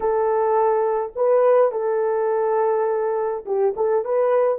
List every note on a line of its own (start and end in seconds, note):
0.00 1.12 A4
1.15 1.72 B4
1.72 3.45 A4
3.45 3.74 G4
3.76 4.04 A4
4.04 4.58 B4